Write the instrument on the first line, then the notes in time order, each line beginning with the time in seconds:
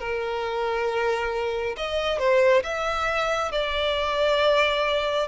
violin
0.00 A#4
1.77 D#5
2.19 C5
2.64 E5
3.52 D5